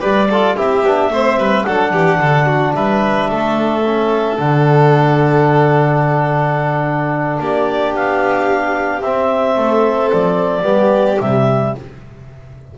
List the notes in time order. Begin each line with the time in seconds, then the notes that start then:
0.00 G3 G4 B4 D5
0.30 F4 A4
0.56 C4 E4 G4 E5
0.83 B3 D4
1.10 A3 C4 C5
1.37 G3 B4
1.64 F#3 D4 A4 F#5
1.92 E3 G4
2.20 D3 A4
2.46 F#4
2.75 G3 B4 E5
3.30 A3 A4
3.86 C#4
4.38 D3 D4 F#5
7.38 A#3 G4 D5
7.94 B3 F5
9.01 C4 E5
9.55 A3 A4
10.12 F3 D5
10.62 G3 B3 G4
11.20 C3 G3 E5